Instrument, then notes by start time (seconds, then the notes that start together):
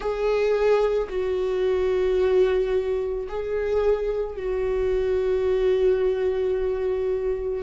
viola
0.00 G#4
1.09 F#4
3.28 G#4
4.36 F#4